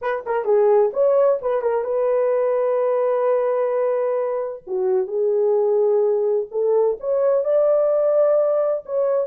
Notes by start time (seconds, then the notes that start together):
0.01 B4
0.26 A#4
0.44 G#4
0.93 C#5
1.41 B4
1.61 A#4
1.84 B4
4.67 F#4
5.07 G#4
6.51 A4
6.99 C#5
7.44 D5
8.85 C#5